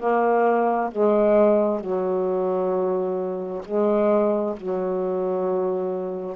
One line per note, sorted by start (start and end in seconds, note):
0.00 0.91 A#3
0.92 1.81 G#3
1.81 3.62 F#3
3.66 4.57 G#3
4.57 6.36 F#3